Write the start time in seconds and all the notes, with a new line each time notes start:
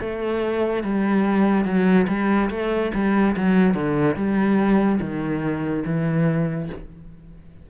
0.00 A3
0.83 G3
1.65 F#3
2.08 G3
2.50 A3
2.94 G3
3.37 F#3
3.74 D3
4.16 G3
5.01 D#3
5.86 E3